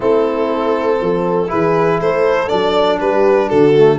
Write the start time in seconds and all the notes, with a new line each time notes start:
0.00 A3 C4 E4 A4
1.00 F3 A4
1.47 E3 E4 G#4 B4
2.00 A3 A4 C5
2.47 F#3 D4 D5
3.00 G3 G4 B4
3.48 D3 F#4 A4
3.78 A3